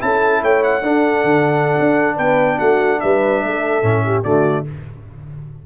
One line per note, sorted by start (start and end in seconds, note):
0.00 0.42 C#4
0.00 0.83 E4
0.00 0.42 A4
0.00 0.43 A5
0.42 0.82 A3
0.42 0.83 C#5
0.42 0.63 G5
0.63 2.18 F#5
0.82 1.24 D4
0.82 3.83 D4
0.82 2.16 A4
1.24 1.76 D3
1.80 2.18 D4
2.16 2.60 B3
2.16 2.58 B4
2.16 2.59 G5
2.59 3.02 A3
2.59 3.00 F#4
2.59 3.00 F#5
3.00 3.44 G3
3.00 3.44 B4
3.00 4.24 E5
3.44 3.82 A3
3.44 4.06 A4
3.82 4.24 A2
3.82 4.24 C#4
4.06 4.25 G4
4.24 4.66 D3
4.24 4.65 A3
4.24 4.66 F#4
4.24 4.65 D5